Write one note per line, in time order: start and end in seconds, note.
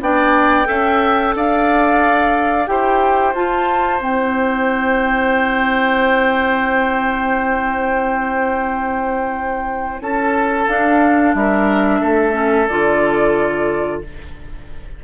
0.00 0.67 B3
0.00 0.65 D4
0.00 0.68 D5
0.00 1.35 G5
0.65 1.35 C#4
0.65 2.65 A4
0.65 1.34 E5
1.35 2.67 D4
1.35 2.70 D5
1.35 2.67 F5
2.67 3.34 E4
2.67 3.34 G4
2.67 10.02 C5
2.67 3.33 G5
3.34 4.00 F4
3.34 3.99 F4
3.34 4.02 A5
3.99 10.00 C4
3.99 10.66 E4
3.99 10.02 G5
10.00 10.67 C#4
10.00 11.35 A4
10.00 10.68 A5
10.68 11.34 D4
10.68 12.32 D4
10.68 11.34 F5
11.34 12.01 G3
11.34 12.00 A#4
11.34 12.68 E5
12.00 12.68 A3
12.00 14.00 A4
12.32 12.66 C#4
12.68 14.02 D3
12.68 14.03 F4
12.68 14.02 D5